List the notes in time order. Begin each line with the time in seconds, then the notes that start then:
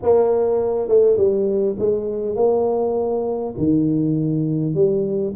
0.02 A#3
0.88 A3
1.17 G3
1.78 G#3
2.35 A#3
3.57 D#3
4.74 G3